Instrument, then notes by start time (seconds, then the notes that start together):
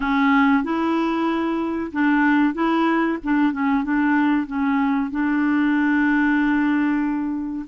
clarinet
0.00 C#4
0.63 E4
1.92 D4
2.54 E4
3.23 D4
3.52 C#4
3.84 D4
4.47 C#4
5.10 D4